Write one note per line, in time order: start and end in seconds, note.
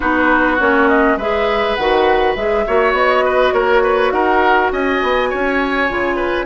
0.00 0.59 B3
0.00 0.57 D#4
0.00 1.17 F#4
0.00 0.58 B4
0.59 1.17 A#3
0.59 1.18 C#4
0.59 0.88 C#5
0.88 1.18 D#5
1.17 1.75 G#3
1.17 1.78 G#4
1.17 2.64 B4
1.17 1.75 E5
1.75 2.36 D#3
1.75 2.37 F#4
1.75 2.34 F#5
2.34 2.65 G#3
2.34 2.67 G#4
2.34 2.93 E5
2.66 2.93 A#3
2.66 5.88 F#4
2.66 3.24 C#5
2.93 3.51 B3
2.93 3.52 D#5
3.24 3.53 B4
3.52 4.12 A#3
3.52 3.83 A#4
3.52 4.11 C#5
3.83 4.12 B4
4.11 4.70 D#4
4.11 4.72 A#4
4.11 4.70 F#5
4.72 5.01 C#4
4.72 5.29 D#5
4.72 6.45 G#5
5.02 5.32 B3
5.29 5.89 C#4
5.29 6.16 C#5
5.88 6.45 C#3
5.88 6.45 F4
6.16 6.45 B4